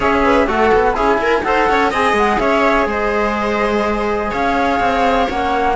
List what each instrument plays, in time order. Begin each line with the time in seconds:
0.00 cello C#4, trombone G#4, viola C#5, flute E5
0.24 viola B4
0.47 cello A3, trombone F#4, viola A4, flute F#5
0.74 cello B3
0.94 cello C#4, trombone E4, viola G#4, flute G#5
1.17 cello E4, viola A#4
1.42 cello D#4, trombone A4, viola C5, flute F#5
1.69 cello C#4, viola C#5
1.90 cello C4, trombone G#4, viola D#5, flute G#5
2.12 cello G#3, flute F#5
2.38 cello C#4, viola C#5, flute E5
2.86 cello G#3, viola C5, flute D#5
4.30 cello C#4, viola C#5, flute F5
4.79 cello C4
5.28 cello A#3, trombone C#4, flute F#5